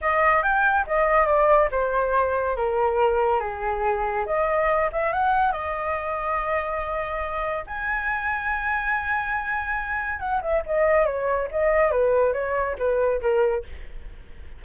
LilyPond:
\new Staff \with { instrumentName = "flute" } { \time 4/4 \tempo 4 = 141 dis''4 g''4 dis''4 d''4 | c''2 ais'2 | gis'2 dis''4. e''8 | fis''4 dis''2.~ |
dis''2 gis''2~ | gis''1 | fis''8 e''8 dis''4 cis''4 dis''4 | b'4 cis''4 b'4 ais'4 | }